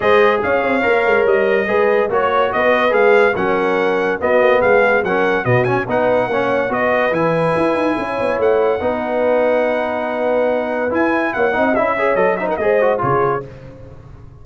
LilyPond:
<<
  \new Staff \with { instrumentName = "trumpet" } { \time 4/4 \tempo 4 = 143 dis''4 f''2 dis''4~ | dis''4 cis''4 dis''4 f''4 | fis''2 dis''4 f''4 | fis''4 dis''8 gis''8 fis''2 |
dis''4 gis''2. | fis''1~ | fis''2 gis''4 fis''4 | e''4 dis''8 e''16 fis''16 dis''4 cis''4 | }
  \new Staff \with { instrumentName = "horn" } { \time 4/4 c''4 cis''2. | b'4 cis''4 b'2 | ais'2 fis'4 gis'4 | ais'4 fis'4 b'4 cis''4 |
b'2. cis''4~ | cis''4 b'2.~ | b'2. cis''8 dis''8~ | dis''8 cis''4 c''16 ais'16 c''4 gis'4 | }
  \new Staff \with { instrumentName = "trombone" } { \time 4/4 gis'2 ais'2 | gis'4 fis'2 gis'4 | cis'2 b2 | cis'4 b8 cis'8 dis'4 cis'4 |
fis'4 e'2.~ | e'4 dis'2.~ | dis'2 e'4. dis'8 | e'8 gis'8 a'8 dis'8 gis'8 fis'8 f'4 | }
  \new Staff \with { instrumentName = "tuba" } { \time 4/4 gis4 cis'8 c'8 ais8 gis8 g4 | gis4 ais4 b4 gis4 | fis2 b8 ais8 gis4 | fis4 b,4 b4 ais4 |
b4 e4 e'8 dis'8 cis'8 b8 | a4 b2.~ | b2 e'4 ais8 c'8 | cis'4 fis4 gis4 cis4 | }
>>